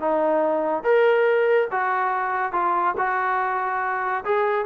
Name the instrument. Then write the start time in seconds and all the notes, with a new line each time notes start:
trombone
0.00 D#4
0.84 A#4
1.72 F#4
2.53 F4
2.98 F#4
4.25 G#4